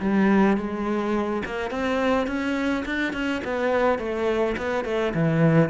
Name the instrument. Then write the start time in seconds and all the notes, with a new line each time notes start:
cello
0.00 G3
0.57 G#3
1.45 A#3
1.70 C4
2.27 C#4
2.85 D4
3.13 C#4
3.44 B3
3.98 A3
4.57 B3
4.84 A3
5.14 E3